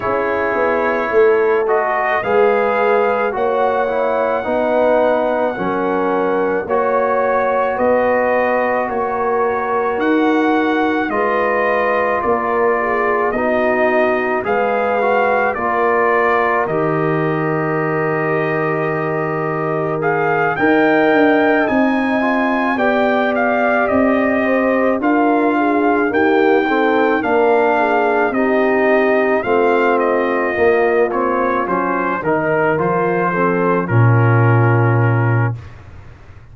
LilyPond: <<
  \new Staff \with { instrumentName = "trumpet" } { \time 4/4 \tempo 4 = 54 cis''4. dis''8 f''4 fis''4~ | fis''2 cis''4 dis''4 | cis''4 fis''4 dis''4 d''4 | dis''4 f''4 d''4 dis''4~ |
dis''2 f''8 g''4 gis''8~ | gis''8 g''8 f''8 dis''4 f''4 g''8~ | g''8 f''4 dis''4 f''8 dis''4 | cis''8 c''8 ais'8 c''4 ais'4. | }
  \new Staff \with { instrumentName = "horn" } { \time 4/4 gis'4 a'4 b'4 cis''4 | b'4 ais'4 cis''4 b'4 | ais'2 b'4 ais'8 gis'8 | fis'4 b'4 ais'2~ |
ais'2~ ais'8 dis''4.~ | dis''8 d''4. c''8 ais'8 gis'8 g'8 | a'8 ais'8 gis'8 g'4 f'4.~ | f'4 ais'4 a'8 f'4. | }
  \new Staff \with { instrumentName = "trombone" } { \time 4/4 e'4. fis'8 gis'4 fis'8 e'8 | dis'4 cis'4 fis'2~ | fis'2 f'2 | dis'4 gis'8 fis'8 f'4 g'4~ |
g'2 gis'8 ais'4 dis'8 | f'8 g'2 f'4 ais8 | c'8 d'4 dis'4 c'4 ais8 | c'8 cis'8 dis'8 f'8 c'8 cis'4. | }
  \new Staff \with { instrumentName = "tuba" } { \time 4/4 cis'8 b8 a4 gis4 ais4 | b4 fis4 ais4 b4 | ais4 dis'4 gis4 ais4 | b4 gis4 ais4 dis4~ |
dis2~ dis8 dis'8 d'8 c'8~ | c'8 b4 c'4 d'4 dis'8~ | dis'8 ais4 c'4 a4 ais8~ | ais8 fis8 dis8 f4 ais,4. | }
>>